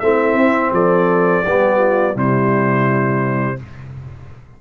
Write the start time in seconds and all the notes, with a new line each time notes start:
0.00 A3 C4 E4 E5
0.34 C4
0.72 F3 A4 D5
1.44 G3 B3 G4
1.78 F4
2.14 C3 G3 E4 C5